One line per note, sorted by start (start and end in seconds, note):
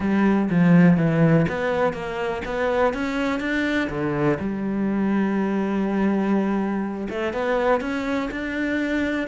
0.00 0.49 G3
0.50 0.97 F3
0.97 1.45 E3
1.48 1.93 B3
1.93 2.41 A#3
2.45 2.93 B3
2.93 3.40 C#4
3.40 3.88 D4
3.89 4.38 D3
4.39 7.08 G3
7.09 7.33 A3
7.33 7.80 B3
7.80 8.29 C#4
8.31 9.27 D4